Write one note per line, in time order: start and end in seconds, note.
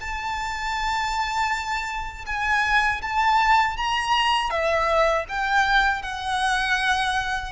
0.00 2.25 A5
2.26 3.01 G#5
3.02 3.77 A5
3.77 4.50 A#5
4.50 5.25 E5
5.29 6.02 G5
6.02 7.52 F#5